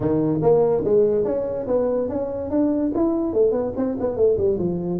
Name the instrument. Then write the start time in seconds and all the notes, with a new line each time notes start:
tuba
0.00 D#3
0.42 A#3
0.84 G#3
1.24 C#4
1.67 B3
2.08 C#4
2.50 D4
2.94 E4
3.33 A3
3.51 B3
3.76 C4
3.99 B3
4.16 A3
4.37 G3
4.58 F3